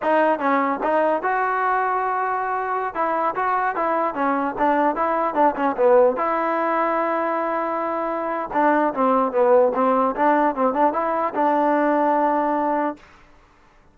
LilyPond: \new Staff \with { instrumentName = "trombone" } { \time 4/4 \tempo 4 = 148 dis'4 cis'4 dis'4 fis'4~ | fis'2.~ fis'16 e'8.~ | e'16 fis'4 e'4 cis'4 d'8.~ | d'16 e'4 d'8 cis'8 b4 e'8.~ |
e'1~ | e'4 d'4 c'4 b4 | c'4 d'4 c'8 d'8 e'4 | d'1 | }